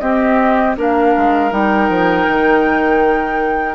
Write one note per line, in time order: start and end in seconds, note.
0.00 0.76 C4
0.00 0.77 C4
0.00 0.76 G4
0.00 0.75 D#5
0.77 1.15 A#3
0.77 1.50 D4
0.77 3.75 A#4
0.77 1.53 F5
1.17 1.52 G#3
1.50 1.89 G3
1.50 3.75 D#4
1.50 3.75 G5
1.89 2.27 F3
2.28 3.75 D#3